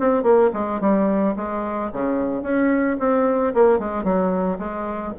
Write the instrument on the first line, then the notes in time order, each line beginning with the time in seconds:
bassoon
0.00 C4
0.24 A#3
0.54 G#3
0.81 G3
1.37 G#3
1.93 C#3
2.43 C#4
3.00 C4
3.55 A#3
3.79 G#3
4.04 F#3
4.59 G#3